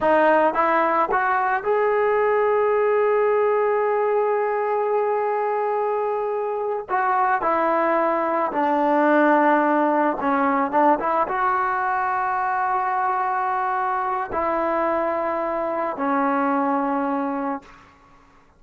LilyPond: \new Staff \with { instrumentName = "trombone" } { \time 4/4 \tempo 4 = 109 dis'4 e'4 fis'4 gis'4~ | gis'1~ | gis'1~ | gis'8 fis'4 e'2 d'8~ |
d'2~ d'8 cis'4 d'8 | e'8 fis'2.~ fis'8~ | fis'2 e'2~ | e'4 cis'2. | }